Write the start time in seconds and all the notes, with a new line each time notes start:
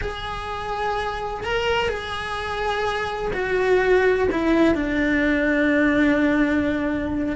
0.01 G#4
1.44 A#4
1.88 G#4
3.33 F#4
4.31 E4
4.74 D4